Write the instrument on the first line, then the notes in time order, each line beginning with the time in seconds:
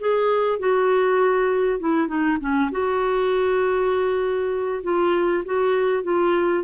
clarinet
0.00 G#4
0.60 F#4
1.80 E4
2.08 D#4
2.41 C#4
2.72 F#4
4.83 F4
5.46 F#4
6.04 F4